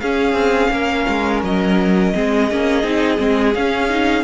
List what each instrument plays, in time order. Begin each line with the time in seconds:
0.00 cello C#4, viola C#4, violin G#4 F5
0.33 cello C4
0.71 cello A#3, violin A#4
1.08 cello G#3
1.43 cello F#3, violin D#5
2.14 cello G#3, viola C4, violin G#4
2.51 cello A#3, viola C#4
2.83 cello C4, viola D#4
3.17 cello G#3, viola C4
3.54 cello C#4, viola C#4, violin F5
3.89 viola D#4